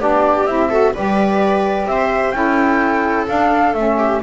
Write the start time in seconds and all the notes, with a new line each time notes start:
0.00 B3 D4 G4 D5
0.46 C4 E4 E5
0.70 F#4 A4
0.94 G3 G4 B4 D5
1.85 C4 C5 E5
2.32 C#4 E4 A4 G5
3.28 D4 F5
3.74 A3 C#4 E5
3.98 G4